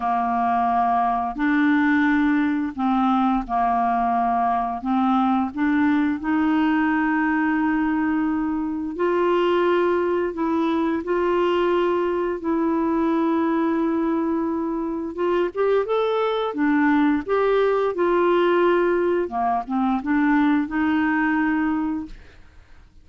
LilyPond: \new Staff \with { instrumentName = "clarinet" } { \time 4/4 \tempo 4 = 87 ais2 d'2 | c'4 ais2 c'4 | d'4 dis'2.~ | dis'4 f'2 e'4 |
f'2 e'2~ | e'2 f'8 g'8 a'4 | d'4 g'4 f'2 | ais8 c'8 d'4 dis'2 | }